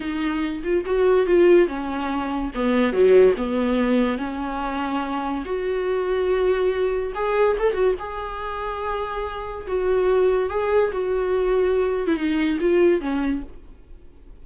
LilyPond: \new Staff \with { instrumentName = "viola" } { \time 4/4 \tempo 4 = 143 dis'4. f'8 fis'4 f'4 | cis'2 b4 fis4 | b2 cis'2~ | cis'4 fis'2.~ |
fis'4 gis'4 a'8 fis'8 gis'4~ | gis'2. fis'4~ | fis'4 gis'4 fis'2~ | fis'8. e'16 dis'4 f'4 cis'4 | }